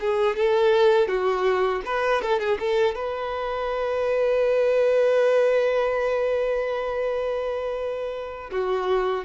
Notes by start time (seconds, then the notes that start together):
0.00 G#4
0.36 A4
1.08 F#4
1.85 B4
2.22 A4
2.39 G#4
2.59 A4
2.95 B4
8.52 F#4